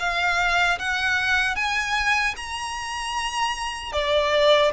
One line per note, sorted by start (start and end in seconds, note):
0.00 0.79 F5
0.79 1.56 F#5
1.56 2.35 G#5
2.36 3.93 A#5
3.93 4.72 D5